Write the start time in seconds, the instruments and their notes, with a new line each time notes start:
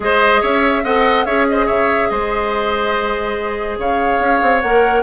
0.00 bassoon G#3, clarinet G#4, oboe C5, flute D#5
0.41 bassoon C#4, oboe C#5, flute E5
0.83 bassoon C4, clarinet A4, oboe D#5, flute F#5
1.25 bassoon C#4, clarinet G#4, oboe C#5, flute E5
1.48 oboe C5, flute D#5
1.65 bassoon C#3, oboe C#5, flute E5
2.09 bassoon G#3, oboe C5, flute D#5
3.78 bassoon C#3, oboe C#5, flute F5
4.19 bassoon C#4
4.42 bassoon C4
4.61 bassoon A#3, clarinet A#4, flute F#5